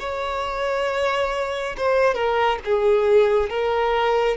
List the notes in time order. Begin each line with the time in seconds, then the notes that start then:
0.00 C#5
1.77 C5
2.15 A#4
2.65 G#4
3.50 A#4